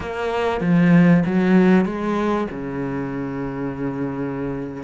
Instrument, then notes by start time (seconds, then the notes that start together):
cello
0.00 A#3
0.61 F3
1.25 F#3
1.85 G#3
2.50 C#3